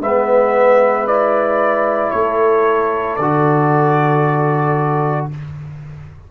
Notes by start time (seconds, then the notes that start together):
0.00 G#3 B3 B4 E5
1.07 E4 D5
2.10 A3 A4 C#5
3.16 D3 F#4 D5